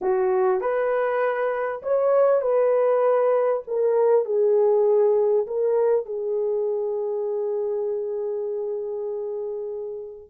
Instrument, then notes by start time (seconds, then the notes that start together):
horn
0.01 F#4
0.60 B4
1.82 C#5
2.41 B4
3.67 A#4
4.25 G#4
5.47 A#4
6.05 G#4